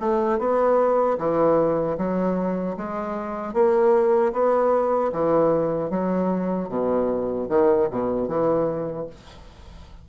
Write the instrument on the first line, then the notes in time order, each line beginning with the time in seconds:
bassoon
0.00 A3
0.39 B3
1.18 E3
1.98 F#3
2.77 G#3
3.54 A#3
4.33 B3
5.13 E3
5.90 F#3
6.69 B2
7.49 D#3
7.91 B2
8.28 E3